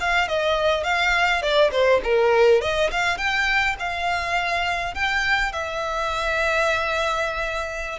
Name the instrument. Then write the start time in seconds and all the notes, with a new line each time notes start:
violin
0.00 F5
0.28 D#5
0.84 F5
1.42 D5
1.72 C5
2.04 A#4
2.61 D#5
2.91 F5
3.18 G5
3.79 F5
4.95 G5
5.52 E5